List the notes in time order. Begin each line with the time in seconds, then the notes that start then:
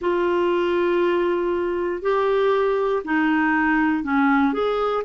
0.01 F4
2.01 G4
3.04 D#4
4.03 C#4
4.53 G#4